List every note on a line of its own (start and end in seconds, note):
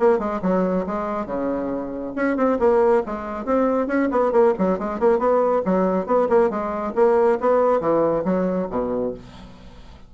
0.00 0.19 A#3
0.19 0.41 G#3
0.43 0.86 F#3
0.87 1.27 G#3
1.27 2.14 C#3
2.16 2.37 C#4
2.37 2.59 C4
2.60 3.03 A#3
3.07 3.46 G#3
3.46 3.88 C4
3.88 4.09 C#4
4.12 4.32 B3
4.32 4.54 A#3
4.59 4.79 F#3
4.79 5.00 G#3
5.00 5.19 A#3
5.19 5.63 B3
5.66 6.07 F#3
6.07 6.29 B3
6.30 6.50 A#3
6.50 6.94 G#3
6.96 7.39 A#3
7.41 7.81 B3
7.81 8.25 E3
8.25 8.69 F#3
8.71 9.15 B2